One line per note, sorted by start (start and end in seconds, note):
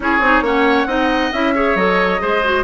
0.00 0.20 C#4
0.00 0.20 E4
0.00 0.43 G#4
0.00 0.45 C#5
0.20 0.41 C4
0.20 0.44 D#4
0.41 0.85 A#3
0.41 0.87 C#4
0.41 0.87 C#5
0.41 1.32 F#5
0.86 1.30 C4
0.86 1.31 D#4
0.86 1.53 D#5
1.32 1.75 C#4
1.32 1.55 E4
1.32 1.76 E5
1.55 1.77 G#4
1.55 2.21 C#5
1.75 2.19 F#3
1.75 2.19 A4
1.75 2.64 D#5
2.19 2.64 G#3
2.19 2.41 G#4
2.19 2.64 C5
2.44 2.64 F#4